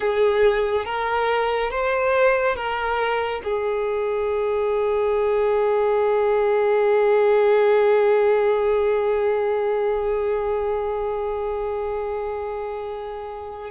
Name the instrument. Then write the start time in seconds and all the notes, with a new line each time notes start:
violin
0.00 G#4
0.85 A#4
1.70 C5
2.56 A#4
3.44 G#4